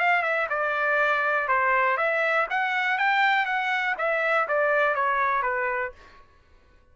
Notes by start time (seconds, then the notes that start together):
0.00 F5
0.23 E5
0.50 D5
1.48 C5
1.98 E5
2.50 F#5
2.98 G5
3.46 F#5
3.98 E5
4.48 D5
4.95 C#5
5.43 B4